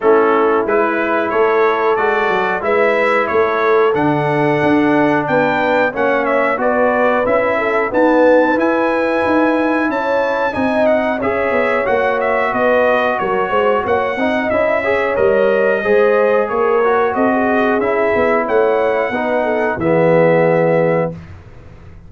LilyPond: <<
  \new Staff \with { instrumentName = "trumpet" } { \time 4/4 \tempo 4 = 91 a'4 b'4 cis''4 d''4 | e''4 cis''4 fis''2 | g''4 fis''8 e''8 d''4 e''4 | a''4 gis''2 a''4 |
gis''8 fis''8 e''4 fis''8 e''8 dis''4 | cis''4 fis''4 e''4 dis''4~ | dis''4 cis''4 dis''4 e''4 | fis''2 e''2 | }
  \new Staff \with { instrumentName = "horn" } { \time 4/4 e'2 a'2 | b'4 a'2. | b'4 cis''4 b'4. a'8 | b'2. cis''4 |
dis''4 cis''2 b'4 | ais'8 c''8 cis''8 dis''4 cis''4. | c''4 ais'4 a'16 gis'4.~ gis'16 | cis''4 b'8 a'8 gis'2 | }
  \new Staff \with { instrumentName = "trombone" } { \time 4/4 cis'4 e'2 fis'4 | e'2 d'2~ | d'4 cis'4 fis'4 e'4 | b4 e'2. |
dis'4 gis'4 fis'2~ | fis'4. dis'8 e'8 gis'8 ais'4 | gis'4. fis'4. e'4~ | e'4 dis'4 b2 | }
  \new Staff \with { instrumentName = "tuba" } { \time 4/4 a4 gis4 a4 gis8 fis8 | gis4 a4 d4 d'4 | b4 ais4 b4 cis'4 | dis'4 e'4 dis'4 cis'4 |
c'4 cis'8 b8 ais4 b4 | fis8 gis8 ais8 c'8 cis'4 g4 | gis4 ais4 c'4 cis'8 b8 | a4 b4 e2 | }
>>